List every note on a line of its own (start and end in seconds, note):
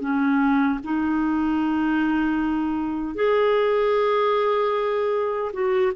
0.00 0.79 C#4
0.84 3.14 D#4
3.14 5.51 G#4
5.52 5.92 F#4